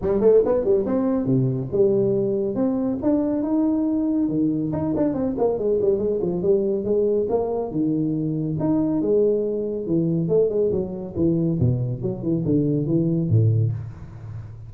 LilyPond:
\new Staff \with { instrumentName = "tuba" } { \time 4/4 \tempo 4 = 140 g8 a8 b8 g8 c'4 c4 | g2 c'4 d'4 | dis'2 dis4 dis'8 d'8 | c'8 ais8 gis8 g8 gis8 f8 g4 |
gis4 ais4 dis2 | dis'4 gis2 e4 | a8 gis8 fis4 e4 b,4 | fis8 e8 d4 e4 a,4 | }